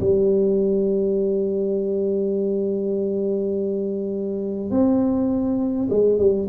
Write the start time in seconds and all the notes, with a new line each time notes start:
0.00 G3
4.70 C4
5.90 G#3
6.18 G3